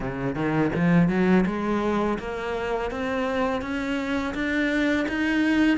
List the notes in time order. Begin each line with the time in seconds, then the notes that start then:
0.00 C#3
0.35 D#3
0.75 F3
1.08 F#3
1.46 G#3
2.19 A#3
2.90 C4
3.61 C#4
4.34 D4
5.08 D#4